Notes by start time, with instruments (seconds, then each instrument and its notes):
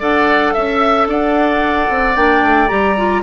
0.00 bassoon D4, clarinet A4, oboe D5, flute F#5
0.53 bassoon C#4, flute E5, oboe E5
1.07 bassoon D4, oboe D5, flute F#5
1.90 bassoon C4
2.16 bassoon A#3, clarinet D4, flute G5
2.43 bassoon A3
2.68 bassoon G3, clarinet G4, flute A#5
2.97 clarinet F4